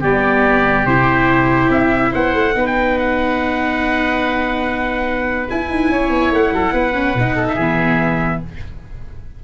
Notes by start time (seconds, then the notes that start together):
0.00 G3 B3 G4 D5
0.85 C3 E4 C5
1.69 C4 E5
2.12 B3 C5 F#5
2.34 A3
2.54 B3 D#4 B4
2.67 G5
2.98 F#5
5.49 E4 G#5
5.70 D#4
5.90 C#4 C#5
6.10 B3
6.32 A3 F#5
6.52 F#3 A4
6.73 B3 B4
6.94 C#4
7.15 B2 D#4
7.36 A4
7.48 E5
7.55 E3 B3 G#4